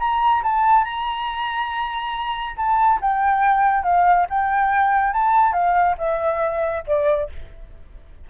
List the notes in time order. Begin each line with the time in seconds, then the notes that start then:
0.00 A#5
0.44 A5
0.85 A#5
2.57 A5
3.02 G5
3.84 F5
4.30 G5
5.14 A5
5.53 F5
5.99 E5
6.87 D5